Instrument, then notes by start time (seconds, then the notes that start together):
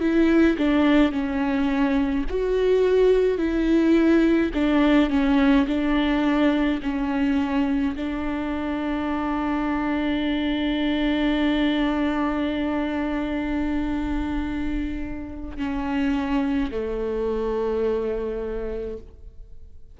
viola
0.00 E4
0.58 D4
1.12 C#4
2.29 F#4
3.38 E4
4.54 D4
5.09 C#4
5.67 D4
6.82 C#4
7.96 D4
15.57 C#4
16.71 A3